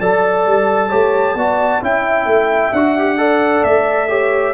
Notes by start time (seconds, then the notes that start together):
0.00 F#3 A4 D5 A5
0.46 G3
0.89 A3 G4 C#5
1.35 B3 F#4 D5
1.82 C#4 E4 E5 G5
2.26 A3
2.72 D4 F#4 F#5
2.98 G4
3.17 A4 D5
3.64 A3 E5
4.08 G4 C#5